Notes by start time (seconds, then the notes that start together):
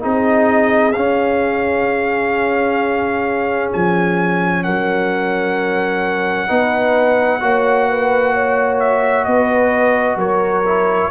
0.00 C4 D#4 G#4 D#5
0.92 C#4 F5
3.72 F3 G#5
4.63 F#3 A#4 F#5
6.48 B3 D#4 B4
7.40 A#3 F#4 C#5
7.88 B4
8.33 C#5
8.79 E5
9.24 B3 B4 D#5
10.16 F#3 A#4 C#5
10.65 E4